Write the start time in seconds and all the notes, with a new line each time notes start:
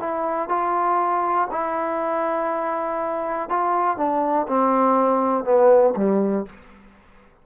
0.00 E4
0.49 F4
1.52 E4
3.50 F4
3.98 D4
4.48 C4
5.45 B3
5.97 G3